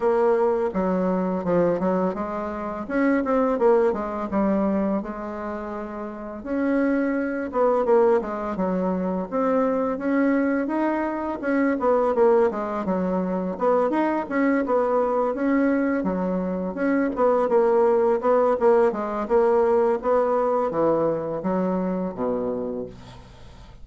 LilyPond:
\new Staff \with { instrumentName = "bassoon" } { \time 4/4 \tempo 4 = 84 ais4 fis4 f8 fis8 gis4 | cis'8 c'8 ais8 gis8 g4 gis4~ | gis4 cis'4. b8 ais8 gis8 | fis4 c'4 cis'4 dis'4 |
cis'8 b8 ais8 gis8 fis4 b8 dis'8 | cis'8 b4 cis'4 fis4 cis'8 | b8 ais4 b8 ais8 gis8 ais4 | b4 e4 fis4 b,4 | }